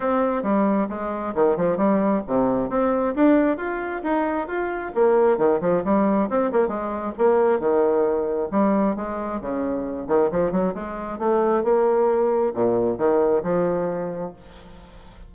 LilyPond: \new Staff \with { instrumentName = "bassoon" } { \time 4/4 \tempo 4 = 134 c'4 g4 gis4 dis8 f8 | g4 c4 c'4 d'4 | f'4 dis'4 f'4 ais4 | dis8 f8 g4 c'8 ais8 gis4 |
ais4 dis2 g4 | gis4 cis4. dis8 f8 fis8 | gis4 a4 ais2 | ais,4 dis4 f2 | }